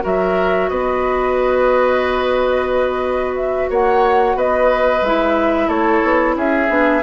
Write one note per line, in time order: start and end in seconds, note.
0.00 0.69 F#3
0.00 5.00 F#4
0.00 0.69 A#4
0.00 0.68 E5
0.68 3.69 B3
0.68 3.69 B4
0.68 3.35 D#5
3.36 3.69 E5
3.69 4.35 A#3
3.69 4.36 C#5
3.69 4.38 F#5
4.35 5.01 B3
4.35 5.68 B4
4.35 5.04 D#5
5.01 5.67 G#3
5.01 6.68 E4
5.01 5.68 E5
5.67 6.01 A3
5.67 6.34 A4
5.67 6.35 C#5
6.02 6.35 B3
6.35 6.68 C#4
6.35 7.03 G#4
6.35 7.03 E5
6.68 7.02 B3
6.68 7.01 D4